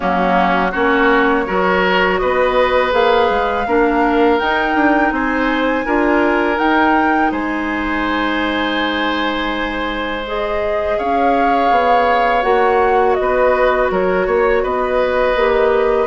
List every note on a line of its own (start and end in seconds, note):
0.00 0.74 F#3
0.00 0.71 A#3
0.00 0.71 C#4
0.00 0.72 F#4
0.71 1.47 A#3
0.71 1.46 C#4
0.71 1.45 F#4
0.71 2.18 C#5
1.46 2.21 F#3
1.46 2.91 F#4
1.46 2.20 A#4
2.18 2.93 B3
2.18 3.67 B4
2.18 2.91 D#5
2.91 3.29 A#3
2.91 3.64 G#4
2.91 4.39 F5
3.29 3.66 G#3
3.66 4.39 A#3
3.66 4.40 D4
3.66 5.14 A#4
4.39 5.85 D#4
4.39 4.75 D#4
4.39 5.12 G5
4.75 5.11 D4
5.11 5.84 C4
5.11 5.85 C5
5.11 6.58 G#5
5.85 6.58 D4
5.85 6.55 F4
5.85 7.31 A#4
6.55 10.21 D#4
6.55 7.31 D#4
6.55 7.31 G5
7.31 10.97 G#3
7.31 10.97 C5
7.31 10.25 G#5
10.26 12.42 G#4
10.26 10.98 D#5
10.97 11.70 C#4
10.97 13.17 C#5
10.97 12.42 F5
11.70 12.43 B3
12.42 13.16 A#3
12.42 15.34 F#4
12.42 13.14 F#5
13.14 13.90 B3
13.14 13.87 D#5
13.21 13.91 B4
13.90 14.27 F#3
13.90 14.26 A#4
13.90 14.64 C#5
14.26 14.63 A#3
14.26 14.62 C#5
14.62 15.35 B3
14.62 16.07 B4
14.62 16.07 D#5
15.35 16.07 A#3
15.35 16.07 G4